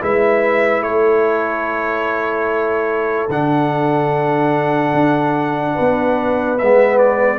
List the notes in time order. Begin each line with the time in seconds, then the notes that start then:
0.00 G#3 E4 B4 E5
0.81 A3 A4 C#5
3.29 D3 D4 F#5
4.93 D4
5.74 B3 B4
6.58 G#3 B3 E5
6.98 D5